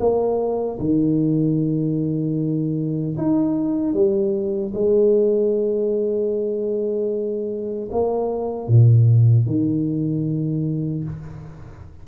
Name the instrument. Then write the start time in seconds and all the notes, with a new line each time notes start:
tuba
0.00 A#3
0.80 D#3
3.18 D#4
3.94 G3
4.74 G#3
7.92 A#3
8.68 A#2
9.47 D#3